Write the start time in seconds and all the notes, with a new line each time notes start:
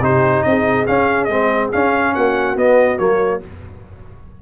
0.00 C3 D#4 G4 C5
0.43 C4 G#4 D#5
0.87 C#4 F5
1.25 G#3 C4 D#5
1.72 C#4 F5
2.14 A#3 F#4 F#5
2.56 B3 D#5
2.98 F#3 A#3 C#5